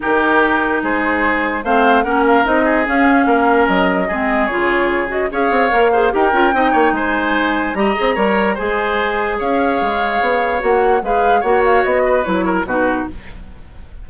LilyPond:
<<
  \new Staff \with { instrumentName = "flute" } { \time 4/4 \tempo 4 = 147 ais'2 c''2 | f''4 fis''8 f''8 dis''4 f''4~ | f''4 dis''2 cis''4~ | cis''8 dis''8 f''2 g''4~ |
g''4 gis''2 ais''4~ | ais''4 gis''2 f''4~ | f''2 fis''4 f''4 | fis''8 f''8 dis''4 cis''4 b'4 | }
  \new Staff \with { instrumentName = "oboe" } { \time 4/4 g'2 gis'2 | c''4 ais'4. gis'4. | ais'2 gis'2~ | gis'4 cis''4. c''8 ais'4 |
dis''8 cis''8 c''2 dis''4 | cis''4 c''2 cis''4~ | cis''2. b'4 | cis''4. b'4 ais'8 fis'4 | }
  \new Staff \with { instrumentName = "clarinet" } { \time 4/4 dis'1 | c'4 cis'4 dis'4 cis'4~ | cis'2 c'4 f'4~ | f'8 fis'8 gis'4 ais'8 gis'8 g'8 f'8 |
dis'2. g'8 gis'8 | ais'4 gis'2.~ | gis'2 fis'4 gis'4 | fis'2 e'4 dis'4 | }
  \new Staff \with { instrumentName = "bassoon" } { \time 4/4 dis2 gis2 | a4 ais4 c'4 cis'4 | ais4 fis4 gis4 cis4~ | cis4 cis'8 c'8 ais4 dis'8 cis'8 |
c'8 ais8 gis2 g8 c'8 | g4 gis2 cis'4 | gis4 b4 ais4 gis4 | ais4 b4 fis4 b,4 | }
>>